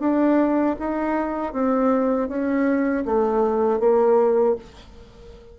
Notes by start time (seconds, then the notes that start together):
0.00 D4
0.79 D#4
1.53 C4
2.29 C#4
3.05 A3
3.80 A#3